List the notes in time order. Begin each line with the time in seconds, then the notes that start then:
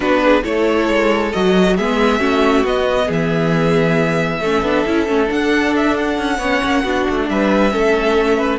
0.00 B3 D4 F#4 B4
0.24 G#4
0.42 A3 E4 A4 C#5
0.88 G#3
1.32 F#3 F#4 D#5
1.76 G#3 B3 G#4 E5
2.19 A3 C#4 F#4
2.64 B3 D#5
3.06 E3 G#4
3.12 E5
4.40 A3 C#4 A4
4.61 B3 D4
4.86 C#4 E4
5.07 A3 C#4
5.26 D4 F#5
5.76 E5
5.97 F#5
6.18 C#4
6.38 B3 C#4 C#5
6.64 A#3
6.83 B3 D4 F#4
7.09 A3
7.28 G3 B4 E5
7.70 A3 C#4 A4
8.37 B4